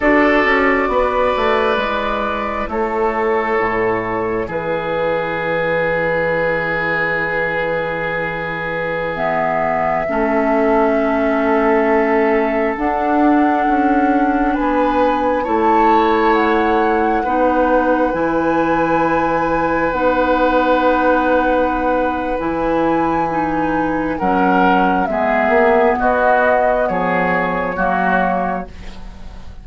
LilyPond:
<<
  \new Staff \with { instrumentName = "flute" } { \time 4/4 \tempo 4 = 67 d''2. cis''4~ | cis''4 b'2.~ | b'2~ b'16 e''4.~ e''16~ | e''2~ e''16 fis''4.~ fis''16~ |
fis''16 gis''4 a''4 fis''4.~ fis''16~ | fis''16 gis''2 fis''4.~ fis''16~ | fis''4 gis''2 fis''4 | e''4 dis''4 cis''2 | }
  \new Staff \with { instrumentName = "oboe" } { \time 4/4 a'4 b'2 a'4~ | a'4 gis'2.~ | gis'2.~ gis'16 a'8.~ | a'1~ |
a'16 b'4 cis''2 b'8.~ | b'1~ | b'2. ais'4 | gis'4 fis'4 gis'4 fis'4 | }
  \new Staff \with { instrumentName = "clarinet" } { \time 4/4 fis'2 e'2~ | e'1~ | e'2~ e'16 b4 cis'8.~ | cis'2~ cis'16 d'4.~ d'16~ |
d'4~ d'16 e'2 dis'8.~ | dis'16 e'2 dis'4.~ dis'16~ | dis'4 e'4 dis'4 cis'4 | b2. ais4 | }
  \new Staff \with { instrumentName = "bassoon" } { \time 4/4 d'8 cis'8 b8 a8 gis4 a4 | a,4 e2.~ | e2.~ e16 a8.~ | a2~ a16 d'4 cis'8.~ |
cis'16 b4 a2 b8.~ | b16 e2 b4.~ b16~ | b4 e2 fis4 | gis8 ais8 b4 f4 fis4 | }
>>